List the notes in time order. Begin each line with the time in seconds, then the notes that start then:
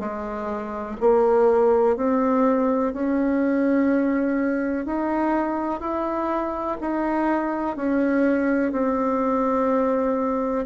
0.00 G#3
1.01 A#3
1.97 C4
2.93 C#4
4.86 D#4
5.81 E4
6.81 D#4
7.77 C#4
8.73 C4